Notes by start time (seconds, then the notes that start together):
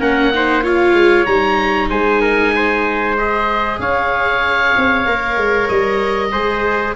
0.00 A#3 C#4 A#4 F#5
0.33 D#4 C5
0.63 F4 C#5 F5
0.93 G#3
1.26 G3 D#4 A#5
1.89 G#3 C5 G#5
2.21 A#4
2.55 C5
3.17 G#4 D#5
3.79 C#4 C#5 F5
4.77 C4
5.06 A#3 A#4
5.37 G#3
5.69 G3 D#5
6.31 G#3 G#4 C5